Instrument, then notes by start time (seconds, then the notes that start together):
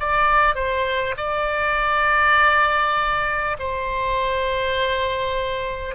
oboe
0.00 D5
0.55 C5
1.17 D5
3.59 C5